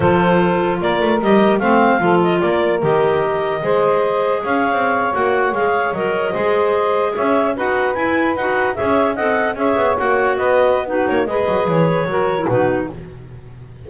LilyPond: <<
  \new Staff \with { instrumentName = "clarinet" } { \time 4/4 \tempo 4 = 149 c''2 d''4 dis''4 | f''4. dis''8 d''4 dis''4~ | dis''2. f''4~ | f''8. fis''4 f''4 dis''4~ dis''16~ |
dis''4.~ dis''16 e''4 fis''4 gis''16~ | gis''8. fis''4 e''4 fis''4 e''16~ | e''8. fis''4 dis''4~ dis''16 b'8 cis''8 | dis''4 cis''2 b'4 | }
  \new Staff \with { instrumentName = "saxophone" } { \time 4/4 a'2 ais'2 | c''4 a'4 ais'2~ | ais'4 c''2 cis''4~ | cis''2.~ cis''8. c''16~ |
c''4.~ c''16 cis''4 b'4~ b'16~ | b'4.~ b'16 cis''4 dis''4 cis''16~ | cis''4.~ cis''16 b'4~ b'16 fis'4 | b'2 ais'4 fis'4 | }
  \new Staff \with { instrumentName = "clarinet" } { \time 4/4 f'2. g'4 | c'4 f'2 g'4~ | g'4 gis'2.~ | gis'8. fis'4 gis'4 ais'4 gis'16~ |
gis'2~ gis'8. fis'4 e'16~ | e'8. fis'4 gis'4 a'4 gis'16~ | gis'8. fis'2~ fis'16 dis'4 | gis'2 fis'8. e'16 dis'4 | }
  \new Staff \with { instrumentName = "double bass" } { \time 4/4 f2 ais8 a8 g4 | a4 f4 ais4 dis4~ | dis4 gis2 cis'8. c'16~ | c'8. ais4 gis4 fis4 gis16~ |
gis4.~ gis16 cis'4 dis'4 e'16~ | e'8. dis'4 cis'4 c'4 cis'16~ | cis'16 b8 ais4 b4.~ b16 ais8 | gis8 fis8 e4 fis4 b,4 | }
>>